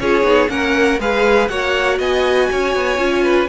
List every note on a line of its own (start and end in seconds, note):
0.00 0.24 C#4
0.00 0.24 F4
0.00 0.51 G#4
0.00 0.50 C#5
0.24 0.49 B3
0.24 0.49 D#4
0.49 0.99 A#3
0.49 0.99 C#4
0.49 1.00 A#4
0.49 1.00 F#5
0.99 1.49 G#3
0.99 1.50 G#4
0.99 1.50 B4
0.99 1.49 F5
1.49 1.99 A#3
1.49 2.98 F#4
1.49 1.99 C#5
1.49 1.99 F#5
1.99 2.49 B3
1.99 2.49 D#5
1.99 3.49 G#5
2.52 2.75 C#4
2.52 3.24 C#5
2.75 2.98 B3
2.98 3.48 C#4
2.98 3.48 F4
3.24 3.49 B4